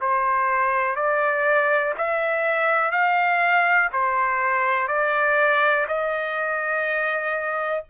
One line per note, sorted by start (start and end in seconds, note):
0.00 0.95 C5
0.95 1.94 D5
1.97 2.91 E5
2.91 3.89 F5
3.92 4.87 C5
4.87 5.86 D5
5.87 7.84 D#5